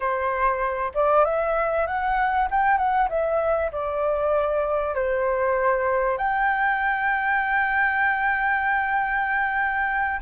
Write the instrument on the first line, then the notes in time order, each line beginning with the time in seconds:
flute
0.00 C5
0.94 D5
1.24 E5
1.86 F#5
2.51 G5
2.77 F#5
3.09 E5
3.72 D5
4.94 C5
6.17 G5